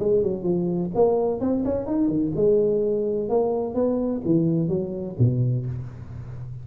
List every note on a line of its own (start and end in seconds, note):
0.00 0.23 G#3
0.23 0.44 F#3
0.44 0.91 F3
0.95 1.41 A#3
1.41 1.64 C4
1.65 1.87 C#4
1.87 2.09 D#4
2.09 2.33 D#3
2.36 3.30 G#3
3.30 3.75 A#3
3.75 4.22 B3
4.26 4.69 E3
4.69 5.16 F#3
5.19 5.66 B2